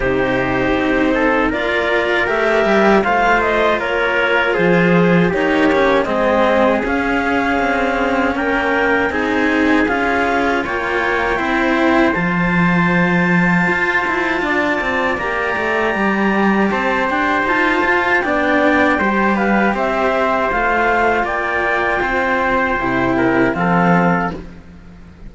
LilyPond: <<
  \new Staff \with { instrumentName = "clarinet" } { \time 4/4 \tempo 4 = 79 c''2 d''4 e''4 | f''8 dis''8 cis''4 c''4 cis''4 | dis''4 f''2 g''4 | gis''4 f''4 g''2 |
a''1 | ais''2 a''8 g''8 a''4 | g''4. f''8 e''4 f''4 | g''2. f''4 | }
  \new Staff \with { instrumentName = "trumpet" } { \time 4/4 g'4. a'8 ais'2 | c''4 ais'4 gis'4 g'4 | gis'2. ais'4 | gis'2 cis''4 c''4~ |
c''2. d''4~ | d''2 c''2 | d''4 c''8 b'8 c''2 | d''4 c''4. ais'8 a'4 | }
  \new Staff \with { instrumentName = "cello" } { \time 4/4 dis'2 f'4 g'4 | f'2. dis'8 cis'8 | c'4 cis'2. | dis'4 f'2 e'4 |
f'1 | g'2. f'4 | d'4 g'2 f'4~ | f'2 e'4 c'4 | }
  \new Staff \with { instrumentName = "cello" } { \time 4/4 c4 c'4 ais4 a8 g8 | a4 ais4 f4 ais4 | gis4 cis'4 c'4 ais4 | c'4 cis'4 ais4 c'4 |
f2 f'8 e'8 d'8 c'8 | ais8 a8 g4 c'8 d'8 dis'8 f'8 | b4 g4 c'4 a4 | ais4 c'4 c4 f4 | }
>>